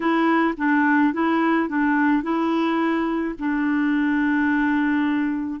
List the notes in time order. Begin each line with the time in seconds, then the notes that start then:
0.00 E4
0.57 D4
1.13 E4
1.68 D4
2.23 E4
3.38 D4